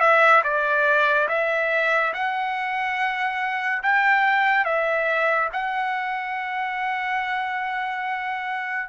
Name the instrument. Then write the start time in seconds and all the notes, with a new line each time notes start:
trumpet
0.00 E5
0.44 D5
1.29 E5
2.14 F#5
3.83 G5
4.65 E5
5.53 F#5